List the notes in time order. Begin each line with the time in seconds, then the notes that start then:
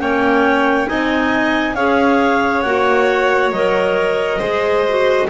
0.00 A#3 C#4 C#5 G5
0.86 C4 D#4 D#5 G#5
1.75 C#4 G#4 C#5 F5
2.62 A#3 F#4 F#5
3.51 F#3 A#4 D#5
4.39 G#3 G#4 C5
4.89 F#4